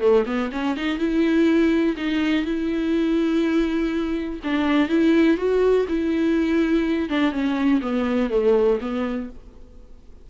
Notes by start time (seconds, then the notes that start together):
0.00 A3
0.26 B3
0.52 C#4
0.77 D#4
0.98 E4
1.97 D#4
2.45 E4
4.44 D4
4.89 E4
5.37 F#4
5.88 E4
7.09 D4
7.32 C#4
7.82 B3
8.30 A3
8.81 B3